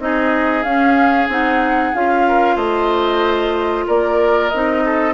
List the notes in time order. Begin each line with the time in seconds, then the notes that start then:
0.00 C4 D#4 G#4 D#5
0.63 C#4 F5
1.29 C4 D#4 F#5
1.94 C#4 F4 F5
2.28 A#4
2.56 A3 C5 D#5
3.87 A#3 A#4 D5
4.50 C4 D#4 D#5
4.86 A4